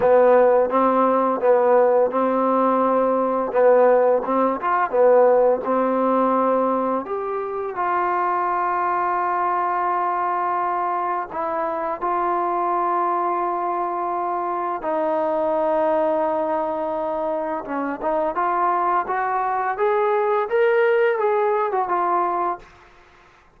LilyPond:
\new Staff \with { instrumentName = "trombone" } { \time 4/4 \tempo 4 = 85 b4 c'4 b4 c'4~ | c'4 b4 c'8 f'8 b4 | c'2 g'4 f'4~ | f'1 |
e'4 f'2.~ | f'4 dis'2.~ | dis'4 cis'8 dis'8 f'4 fis'4 | gis'4 ais'4 gis'8. fis'16 f'4 | }